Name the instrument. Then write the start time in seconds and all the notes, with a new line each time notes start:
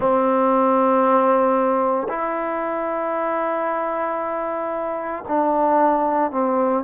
trombone
0.00 C4
2.08 E4
5.28 D4
6.31 C4